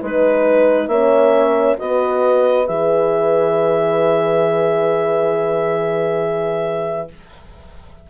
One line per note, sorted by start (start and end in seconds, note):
0.00 0.87 G#3
0.00 0.90 D#4
0.00 0.88 B4
0.00 0.87 B4
0.87 1.75 A#3
0.87 1.78 C#4
0.87 1.78 C#5
0.87 1.76 E5
1.78 2.68 B3
1.78 2.66 F#4
1.78 7.08 B4
1.78 2.67 D#5
2.67 7.09 E3
2.67 7.08 G#4
2.67 7.08 E5